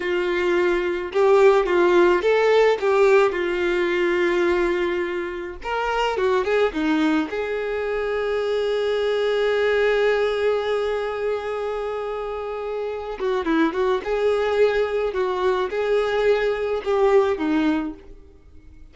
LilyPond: \new Staff \with { instrumentName = "violin" } { \time 4/4 \tempo 4 = 107 f'2 g'4 f'4 | a'4 g'4 f'2~ | f'2 ais'4 fis'8 gis'8 | dis'4 gis'2.~ |
gis'1~ | gis'2.~ gis'8 fis'8 | e'8 fis'8 gis'2 fis'4 | gis'2 g'4 dis'4 | }